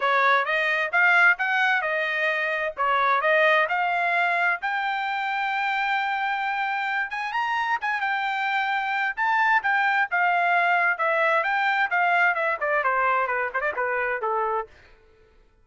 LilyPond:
\new Staff \with { instrumentName = "trumpet" } { \time 4/4 \tempo 4 = 131 cis''4 dis''4 f''4 fis''4 | dis''2 cis''4 dis''4 | f''2 g''2~ | g''2.~ g''8 gis''8 |
ais''4 gis''8 g''2~ g''8 | a''4 g''4 f''2 | e''4 g''4 f''4 e''8 d''8 | c''4 b'8 c''16 d''16 b'4 a'4 | }